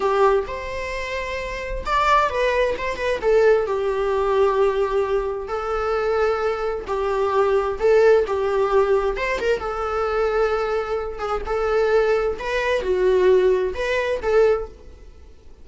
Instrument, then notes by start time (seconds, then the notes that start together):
viola
0.00 G4
0.47 C5
1.85 D5
2.29 B4
2.77 C5
2.96 B4
3.21 A4
3.66 G4
5.47 A4
6.87 G4
7.79 A4
8.27 G4
9.16 C5
9.40 A#4
9.59 A4
11.18 G#4
11.46 A4
12.39 B4
12.82 F#4
13.74 B4
14.22 A4